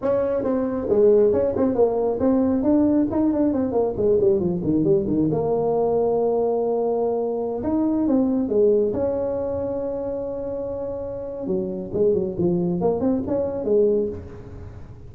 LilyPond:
\new Staff \with { instrumentName = "tuba" } { \time 4/4 \tempo 4 = 136 cis'4 c'4 gis4 cis'8 c'8 | ais4 c'4 d'4 dis'8 d'8 | c'8 ais8 gis8 g8 f8 dis8 g8 dis8 | ais1~ |
ais4~ ais16 dis'4 c'4 gis8.~ | gis16 cis'2.~ cis'8.~ | cis'2 fis4 gis8 fis8 | f4 ais8 c'8 cis'4 gis4 | }